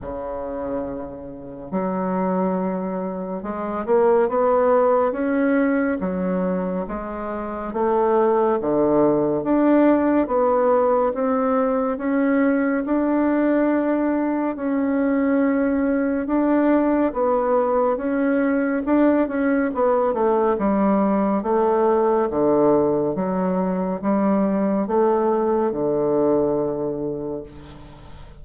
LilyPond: \new Staff \with { instrumentName = "bassoon" } { \time 4/4 \tempo 4 = 70 cis2 fis2 | gis8 ais8 b4 cis'4 fis4 | gis4 a4 d4 d'4 | b4 c'4 cis'4 d'4~ |
d'4 cis'2 d'4 | b4 cis'4 d'8 cis'8 b8 a8 | g4 a4 d4 fis4 | g4 a4 d2 | }